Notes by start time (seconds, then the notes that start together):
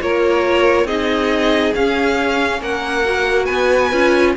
0.00 A#3 F4 A#4 C#5
0.84 C4 D#4 G#4 D#5
1.74 C#4 F5
2.60 A#3 A#4 F#5
3.05 F#4
3.45 B3 B4 G#5
3.92 C#4 F4